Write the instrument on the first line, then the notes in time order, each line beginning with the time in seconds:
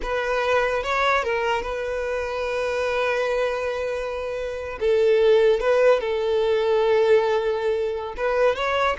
violin
0.02 B4
0.83 C#5
1.23 A#4
1.62 B4
4.80 A4
5.60 B4
6.00 A4
8.16 B4
8.55 C#5